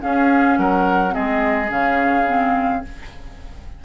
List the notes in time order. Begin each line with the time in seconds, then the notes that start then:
0.00 C#4 G#4 F5
0.58 F#3 A#4 F#5
1.09 C4 G#4 D#5
1.17 G#3
1.68 C#3 C#4 F5
2.27 C4